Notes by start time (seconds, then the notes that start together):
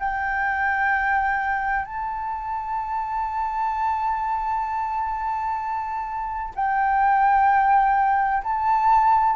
0.00 G5
1.85 A5
6.55 G5
8.44 A5